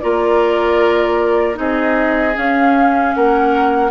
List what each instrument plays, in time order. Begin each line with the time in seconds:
0.00 bassoon A#3, clarinet F4, oboe A#4, flute D5
1.54 bassoon C4, clarinet D#4, oboe G#4, flute D#5
2.35 clarinet C#4, bassoon C#4, flute F5
3.14 bassoon A#3, oboe A#4, flute F#5